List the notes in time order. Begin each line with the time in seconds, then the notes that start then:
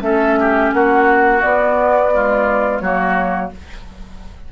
0.00 A3 C#4 A4 E5
0.40 G4
0.72 A#3 F#4 F#5
1.42 B3 D5
2.12 G#3 F4
2.79 F#3 A#3 F#4 C#5